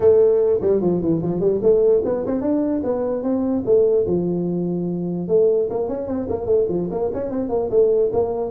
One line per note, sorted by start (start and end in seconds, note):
0.00 0.60 A3
0.61 0.81 G3
0.81 1.01 F3
1.01 1.21 E3
1.22 1.40 F3
1.40 1.60 G3
1.62 2.03 A3
2.04 2.25 B3
2.25 2.41 C4
2.41 2.81 D4
2.83 3.22 B3
3.22 3.63 C4
3.65 4.06 A3
4.06 5.27 F3
5.28 5.68 A3
5.70 5.88 A#3
5.88 6.07 C#4
6.07 6.27 C4
6.29 6.46 A#3
6.46 6.66 A3
6.69 6.89 F3
6.90 7.11 A#3
7.13 7.30 C#4
7.30 7.49 C4
7.49 7.69 A#3
7.70 8.11 A3
8.12 8.51 A#3